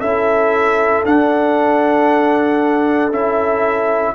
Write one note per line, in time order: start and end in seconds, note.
0.00 1.04 C#4
0.00 1.06 E4
0.00 4.14 A4
0.00 1.04 E5
1.06 3.11 D4
1.06 3.13 D4
1.06 3.13 F#5
3.11 4.14 C#4
3.11 4.15 E4
3.11 4.15 E5